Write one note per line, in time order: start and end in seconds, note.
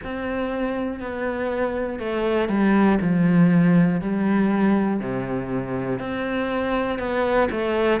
0.03 1.00 C4
1.00 1.99 B3
1.99 2.49 A3
2.49 2.99 G3
3.01 4.00 F3
4.00 5.00 G3
5.00 5.99 C3
5.99 6.98 C4
6.98 7.48 B3
7.50 8.00 A3